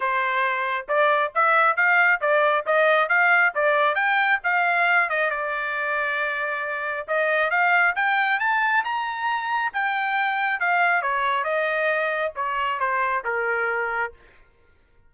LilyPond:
\new Staff \with { instrumentName = "trumpet" } { \time 4/4 \tempo 4 = 136 c''2 d''4 e''4 | f''4 d''4 dis''4 f''4 | d''4 g''4 f''4. dis''8 | d''1 |
dis''4 f''4 g''4 a''4 | ais''2 g''2 | f''4 cis''4 dis''2 | cis''4 c''4 ais'2 | }